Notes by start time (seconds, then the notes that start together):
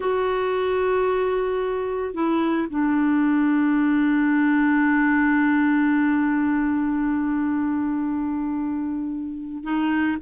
0.00 F#4
2.14 E4
2.69 D4
9.63 D#4